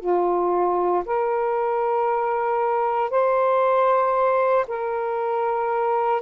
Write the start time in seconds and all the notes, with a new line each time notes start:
0.00 F4
1.05 A#4
3.10 C5
4.67 A#4